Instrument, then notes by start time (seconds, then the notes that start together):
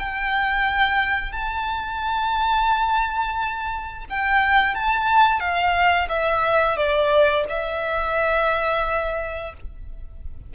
violin
0.00 G5
1.33 A5
4.10 G5
4.75 A5
5.40 F5
6.09 E5
6.77 D5
7.50 E5